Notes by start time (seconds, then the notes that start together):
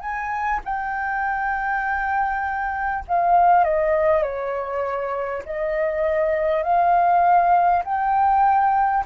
0.00 G#5
0.64 G5
3.08 F5
3.64 D#5
4.22 C#5
5.45 D#5
6.63 F5
7.84 G5